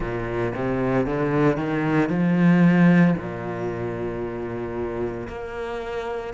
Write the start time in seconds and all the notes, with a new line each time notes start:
0.00 A#2
0.55 C3
1.06 D3
1.56 D#3
2.09 F3
3.17 A#2
5.28 A#3